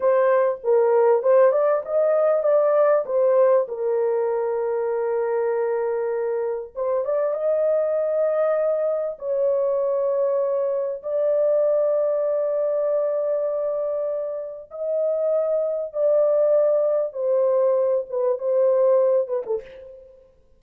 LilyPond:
\new Staff \with { instrumentName = "horn" } { \time 4/4 \tempo 4 = 98 c''4 ais'4 c''8 d''8 dis''4 | d''4 c''4 ais'2~ | ais'2. c''8 d''8 | dis''2. cis''4~ |
cis''2 d''2~ | d''1 | dis''2 d''2 | c''4. b'8 c''4. b'16 a'16 | }